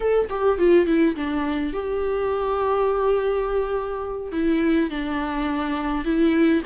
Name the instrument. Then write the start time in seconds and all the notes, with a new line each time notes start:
viola
0.00 A4
0.29 G4
0.58 F4
0.86 E4
1.15 D4
1.73 G4
4.32 E4
4.90 D4
6.04 E4